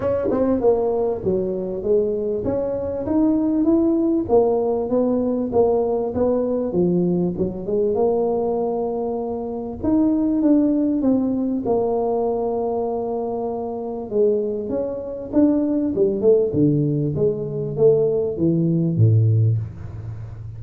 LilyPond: \new Staff \with { instrumentName = "tuba" } { \time 4/4 \tempo 4 = 98 cis'8 c'8 ais4 fis4 gis4 | cis'4 dis'4 e'4 ais4 | b4 ais4 b4 f4 | fis8 gis8 ais2. |
dis'4 d'4 c'4 ais4~ | ais2. gis4 | cis'4 d'4 g8 a8 d4 | gis4 a4 e4 a,4 | }